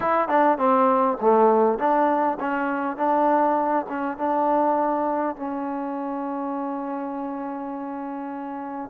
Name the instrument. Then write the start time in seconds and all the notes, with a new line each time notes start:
trombone
0.00 E4
0.28 D4
0.58 C4
1.20 A3
1.78 D4
2.40 C#4
2.96 D4
3.89 C#4
4.17 D4
5.36 C#4